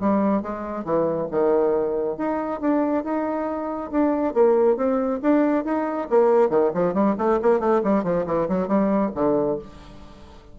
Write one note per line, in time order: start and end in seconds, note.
0.00 0.42 G3
0.42 0.85 G#3
0.85 1.28 E3
1.31 2.18 D#3
2.18 2.60 D#4
2.60 3.04 D4
3.04 3.91 D#4
3.91 4.34 D4
4.34 4.77 A#3
4.77 5.20 C4
5.22 5.65 D4
5.65 6.08 D#4
6.10 6.50 A#3
6.50 6.72 D#3
6.74 6.94 F3
6.94 7.15 G3
7.18 7.40 A3
7.42 7.60 A#3
7.60 7.82 A3
7.84 8.04 G3
8.04 8.26 F3
8.26 8.48 E3
8.49 8.68 F#3
8.68 9.11 G3
9.15 9.58 D3